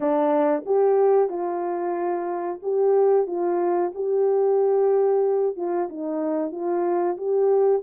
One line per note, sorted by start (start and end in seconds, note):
0.00 0.63 D4
0.65 1.29 G4
1.29 2.59 F4
2.62 3.26 G4
3.26 3.92 F4
3.95 5.56 G4
5.56 5.88 F4
5.89 6.51 D#4
6.51 7.17 F4
7.17 7.82 G4